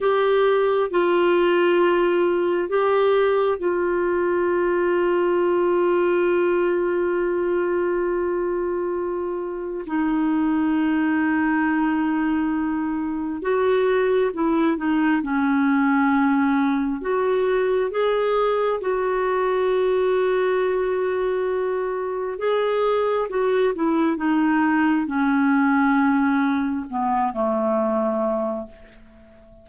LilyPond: \new Staff \with { instrumentName = "clarinet" } { \time 4/4 \tempo 4 = 67 g'4 f'2 g'4 | f'1~ | f'2. dis'4~ | dis'2. fis'4 |
e'8 dis'8 cis'2 fis'4 | gis'4 fis'2.~ | fis'4 gis'4 fis'8 e'8 dis'4 | cis'2 b8 a4. | }